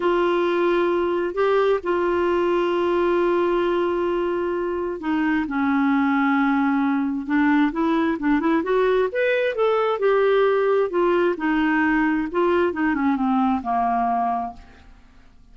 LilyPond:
\new Staff \with { instrumentName = "clarinet" } { \time 4/4 \tempo 4 = 132 f'2. g'4 | f'1~ | f'2. dis'4 | cis'1 |
d'4 e'4 d'8 e'8 fis'4 | b'4 a'4 g'2 | f'4 dis'2 f'4 | dis'8 cis'8 c'4 ais2 | }